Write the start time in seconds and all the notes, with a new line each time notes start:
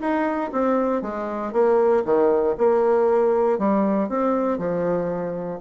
0.00 D#4
0.52 C4
1.02 G#3
1.53 A#3
2.05 D#3
2.58 A#3
3.58 G3
4.09 C4
4.58 F3